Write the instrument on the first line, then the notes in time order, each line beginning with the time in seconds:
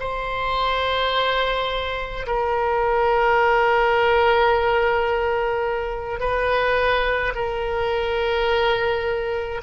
oboe
0.00 C5
2.27 A#4
6.20 B4
7.35 A#4